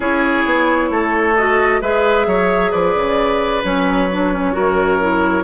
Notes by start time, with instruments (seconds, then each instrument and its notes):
0.00 bassoon C#4, clarinet E4, oboe G#4, flute C#5
0.45 bassoon B3
0.90 bassoon A3, oboe A4
1.36 clarinet F#4, flute D#5
1.81 bassoon G#3, clarinet G#4, oboe B4, flute E5
2.26 bassoon F#3, oboe C#5
2.71 bassoon F3, oboe B4, flute D5
2.94 bassoon C#3
3.63 bassoon F#3, clarinet C#4, flute C#5
4.12 clarinet D4
4.33 clarinet C#4
4.52 bassoon F#2, clarinet F#4, oboe A#4
5.01 clarinet E4